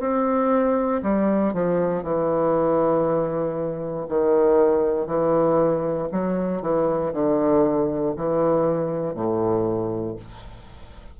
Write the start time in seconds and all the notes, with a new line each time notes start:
0.00 C4
1.03 G3
1.53 F3
2.03 E3
4.09 D#3
5.07 E3
6.12 F#3
6.62 E3
7.13 D3
8.16 E3
9.14 A2